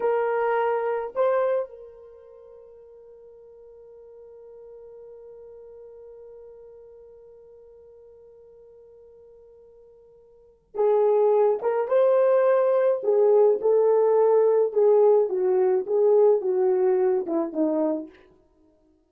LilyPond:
\new Staff \with { instrumentName = "horn" } { \time 4/4 \tempo 4 = 106 ais'2 c''4 ais'4~ | ais'1~ | ais'1~ | ais'1~ |
ais'2. gis'4~ | gis'8 ais'8 c''2 gis'4 | a'2 gis'4 fis'4 | gis'4 fis'4. e'8 dis'4 | }